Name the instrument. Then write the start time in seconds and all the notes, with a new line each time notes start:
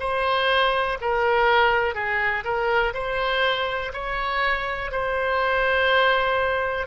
oboe
0.00 C5
1.01 A#4
1.95 G#4
2.45 A#4
2.94 C5
3.93 C#5
4.92 C5